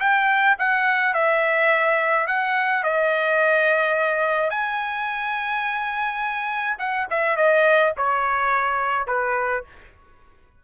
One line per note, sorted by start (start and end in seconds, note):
0.00 0.57 G5
0.59 1.14 F#5
1.14 2.27 E5
2.27 2.84 F#5
2.84 4.51 D#5
4.51 6.77 G#5
6.78 7.07 F#5
7.10 7.37 E5
7.37 7.93 D#5
7.97 9.07 C#5
9.07 9.64 B4